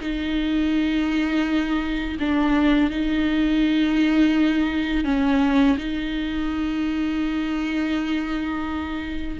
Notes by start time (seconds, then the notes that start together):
0.00 D#4
2.19 D4
2.90 D#4
5.04 C#4
5.77 D#4